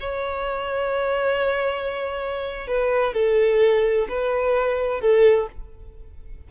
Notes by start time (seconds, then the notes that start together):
0.00 C#5
2.67 B4
3.14 A4
4.09 B4
5.01 A4